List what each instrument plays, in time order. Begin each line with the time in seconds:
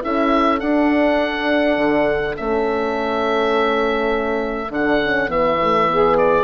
0.00 bassoon C#4, horn E4, saxophone A4, oboe E5
0.58 horn D4, bassoon D4, oboe F#5
1.77 bassoon D3
2.36 bassoon A3, horn C#4, oboe E5
4.70 bassoon D3, horn D4, oboe F#5
5.03 horn C#4
5.28 bassoon E3, horn B3, oboe E5
5.63 horn A3
5.88 horn B3, saxophone G#4
6.18 oboe D5